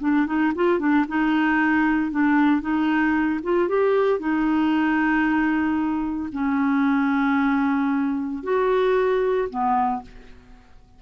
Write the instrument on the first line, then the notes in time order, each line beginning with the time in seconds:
clarinet
0.00 D4
0.26 D#4
0.55 F4
0.79 D4
1.08 D#4
2.11 D4
2.61 D#4
3.43 F4
3.68 G4
4.19 D#4
6.32 C#4
8.43 F#4
9.49 B3